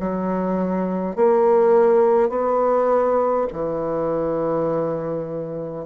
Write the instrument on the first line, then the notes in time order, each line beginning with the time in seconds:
bassoon
0.00 F#3
1.16 A#3
2.29 B3
3.52 E3